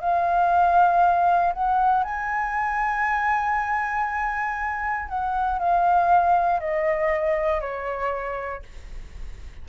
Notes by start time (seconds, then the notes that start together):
0.00 F5
1.53 F#5
2.03 G#5
5.08 F#5
5.58 F5
6.60 D#5
7.60 C#5